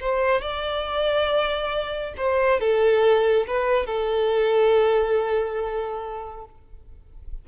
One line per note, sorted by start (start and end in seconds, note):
0.00 0.41 C5
0.41 2.13 D5
2.16 2.60 C5
2.60 3.46 A4
3.47 3.86 B4
3.86 6.45 A4